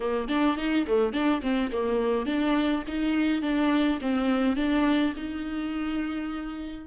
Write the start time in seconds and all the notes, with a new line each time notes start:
0.00 A#3
0.28 D4
0.57 D#4
0.87 A3
1.12 D4
1.42 C4
1.72 A#3
2.26 D4
2.87 D#4
3.42 D4
4.01 C4
4.56 D4
5.16 D#4